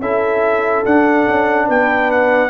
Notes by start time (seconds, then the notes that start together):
0.00 C#4 E4 A4 E5
0.85 D4 F#5
1.27 C#4
1.67 B3 B4 G5
2.11 F#5